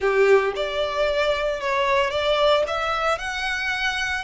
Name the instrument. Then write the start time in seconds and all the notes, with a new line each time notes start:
violin
0.00 G4
0.55 D5
1.60 C#5
2.10 D5
2.67 E5
3.18 F#5